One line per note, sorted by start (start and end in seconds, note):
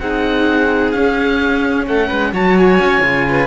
0.00 0.93 C4
0.00 0.95 D#4
0.00 1.87 G#4
0.00 0.91 F#5
0.91 1.86 C#4
0.91 2.33 C#4
0.91 1.84 F5
1.87 2.10 A3
1.87 2.07 A4
1.87 2.34 F#5
2.07 2.33 G#3
2.07 2.30 B4
2.33 2.79 F#3
2.33 3.01 F#4
2.33 3.26 C#5
2.33 2.58 A5
2.58 3.47 G#5
2.79 3.01 C#4
3.01 3.47 C#3
3.01 3.47 F4
3.28 3.47 B4